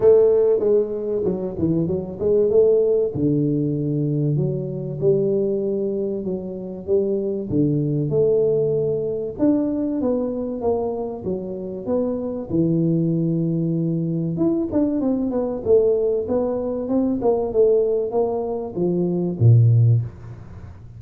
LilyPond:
\new Staff \with { instrumentName = "tuba" } { \time 4/4 \tempo 4 = 96 a4 gis4 fis8 e8 fis8 gis8 | a4 d2 fis4 | g2 fis4 g4 | d4 a2 d'4 |
b4 ais4 fis4 b4 | e2. e'8 d'8 | c'8 b8 a4 b4 c'8 ais8 | a4 ais4 f4 ais,4 | }